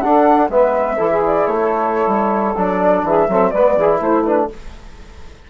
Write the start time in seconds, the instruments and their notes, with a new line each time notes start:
0.00 bassoon D4, trombone D4, saxophone A4, flute F#5
0.49 bassoon G#3, trombone B3, saxophone B4, flute E5
0.97 bassoon E3, trombone E4, saxophone A4
1.09 saxophone G#4
1.26 flute D5
1.46 bassoon A3, flute C#5
1.60 saxophone A4
2.07 bassoon G3
2.57 bassoon F#3, trombone D4, flute D5
3.03 bassoon E3, saxophone G#4, flute E5
3.28 bassoon F#3, trombone C4, saxophone A4
3.50 bassoon G#3, trombone B3, saxophone B4, flute D5
3.76 bassoon E3, trombone E4, saxophone G#4
4.00 bassoon A3, saxophone E4, flute C5
4.24 trombone D4, flute B4